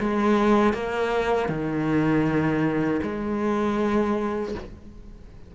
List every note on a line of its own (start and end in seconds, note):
0.00 0.74 G#3
0.74 1.49 A#3
1.49 3.01 D#3
3.03 4.55 G#3